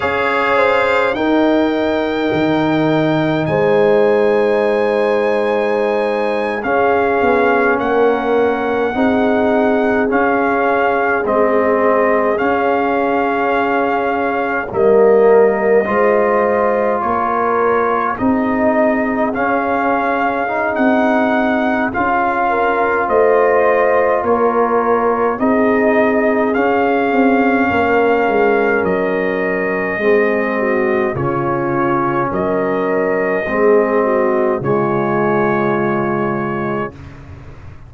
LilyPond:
<<
  \new Staff \with { instrumentName = "trumpet" } { \time 4/4 \tempo 4 = 52 f''4 g''2 gis''4~ | gis''4.~ gis''16 f''4 fis''4~ fis''16~ | fis''8. f''4 dis''4 f''4~ f''16~ | f''8. dis''2 cis''4 dis''16~ |
dis''8. f''4~ f''16 fis''4 f''4 | dis''4 cis''4 dis''4 f''4~ | f''4 dis''2 cis''4 | dis''2 cis''2 | }
  \new Staff \with { instrumentName = "horn" } { \time 4/4 cis''8 c''8 ais'2 c''4~ | c''4.~ c''16 gis'4 ais'4 gis'16~ | gis'1~ | gis'8. ais'4 c''4 ais'4 gis'16~ |
gis'2.~ gis'8 ais'8 | c''4 ais'4 gis'2 | ais'2 gis'8 fis'8 f'4 | ais'4 gis'8 fis'8 f'2 | }
  \new Staff \with { instrumentName = "trombone" } { \time 4/4 gis'4 dis'2.~ | dis'4.~ dis'16 cis'2 dis'16~ | dis'8. cis'4 c'4 cis'4~ cis'16~ | cis'8. ais4 f'2 dis'16~ |
dis'8. cis'4 dis'4~ dis'16 f'4~ | f'2 dis'4 cis'4~ | cis'2 c'4 cis'4~ | cis'4 c'4 gis2 | }
  \new Staff \with { instrumentName = "tuba" } { \time 4/4 cis'4 dis'4 dis4 gis4~ | gis4.~ gis16 cis'8 b8 ais4 c'16~ | c'8. cis'4 gis4 cis'4~ cis'16~ | cis'8. g4 gis4 ais4 c'16~ |
c'8. cis'4~ cis'16 c'4 cis'4 | a4 ais4 c'4 cis'8 c'8 | ais8 gis8 fis4 gis4 cis4 | fis4 gis4 cis2 | }
>>